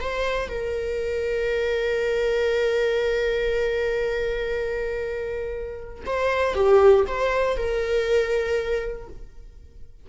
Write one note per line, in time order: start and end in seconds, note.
0.00 0.49 C5
0.49 6.03 A#4
6.06 6.54 C5
6.54 7.05 G4
7.07 7.56 C5
7.56 9.08 A#4